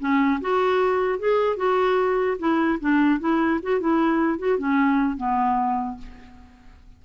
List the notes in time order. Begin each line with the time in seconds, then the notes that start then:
0.00 C#4
0.41 F#4
1.19 G#4
1.57 F#4
2.39 E4
2.81 D4
3.20 E4
3.63 F#4
3.81 E4
4.39 F#4
4.59 C#4
5.17 B3